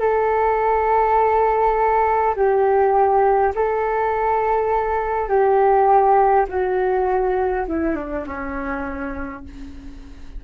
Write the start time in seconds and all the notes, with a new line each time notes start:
0.00 A4
2.35 G4
3.55 A4
5.29 G4
6.49 F#4
7.68 E4
7.95 D4
8.27 C#4